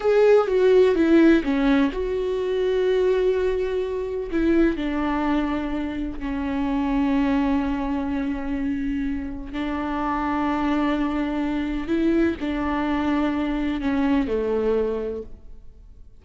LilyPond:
\new Staff \with { instrumentName = "viola" } { \time 4/4 \tempo 4 = 126 gis'4 fis'4 e'4 cis'4 | fis'1~ | fis'4 e'4 d'2~ | d'4 cis'2.~ |
cis'1 | d'1~ | d'4 e'4 d'2~ | d'4 cis'4 a2 | }